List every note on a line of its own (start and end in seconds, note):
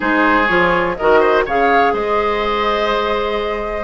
0.00 0.49 G#3
0.00 0.44 D#4
0.00 0.96 G#4
0.00 0.46 C5
0.46 0.98 F3
0.46 0.96 F4
0.46 0.95 C#5
0.96 1.46 D#3
0.96 1.47 F#4
0.96 1.20 A#4
0.96 1.44 D#5
1.20 1.44 C5
1.45 1.93 C#3
1.45 3.84 G#4
1.45 1.93 C#5
1.45 1.93 F5
1.93 3.84 G#3
1.93 3.84 C5
1.93 3.84 D#5